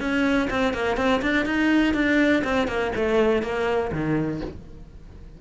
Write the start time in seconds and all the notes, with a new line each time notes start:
0.00 C#4
0.50 C4
0.74 A#3
0.97 C4
1.22 D4
1.46 D#4
1.94 D4
2.44 C4
2.68 A#3
2.96 A3
3.43 A#3
3.92 D#3